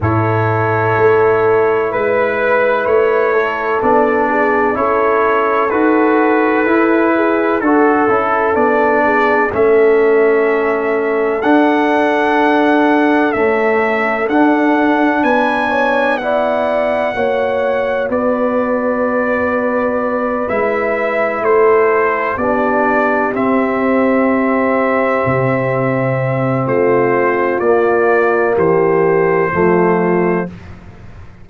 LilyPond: <<
  \new Staff \with { instrumentName = "trumpet" } { \time 4/4 \tempo 4 = 63 cis''2 b'4 cis''4 | d''4 cis''4 b'2 | a'4 d''4 e''2 | fis''2 e''4 fis''4 |
gis''4 fis''2 d''4~ | d''4. e''4 c''4 d''8~ | d''8 e''2.~ e''8 | c''4 d''4 c''2 | }
  \new Staff \with { instrumentName = "horn" } { \time 4/4 a'2 b'4. a'8~ | a'8 gis'8 a'2~ a'8 gis'8 | a'4. gis'8 a'2~ | a'1 |
b'8 cis''8 d''4 cis''4 b'4~ | b'2~ b'8 a'4 g'8~ | g'1 | f'2 g'4 f'4 | }
  \new Staff \with { instrumentName = "trombone" } { \time 4/4 e'1 | d'4 e'4 fis'4 e'4 | fis'8 e'8 d'4 cis'2 | d'2 a4 d'4~ |
d'4 e'4 fis'2~ | fis'4. e'2 d'8~ | d'8 c'2.~ c'8~ | c'4 ais2 a4 | }
  \new Staff \with { instrumentName = "tuba" } { \time 4/4 a,4 a4 gis4 a4 | b4 cis'4 dis'4 e'4 | d'8 cis'8 b4 a2 | d'2 cis'4 d'4 |
b2 ais4 b4~ | b4. gis4 a4 b8~ | b8 c'2 c4. | a4 ais4 e4 f4 | }
>>